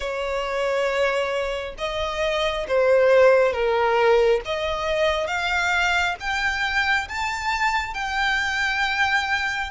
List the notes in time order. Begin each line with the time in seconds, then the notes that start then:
0.00 C#5
1.78 D#5
2.68 C5
3.52 A#4
4.45 D#5
5.27 F5
6.20 G5
7.08 A5
7.94 G5